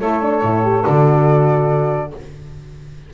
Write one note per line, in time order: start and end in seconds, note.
0.00 0.43 A3
0.00 0.22 E4
0.00 2.11 A4
0.00 0.85 C#5
0.22 0.43 D4
0.43 0.85 A2
0.43 0.64 E4
0.64 0.83 G4
0.83 2.14 D3
0.83 2.10 F#4
0.83 2.13 D5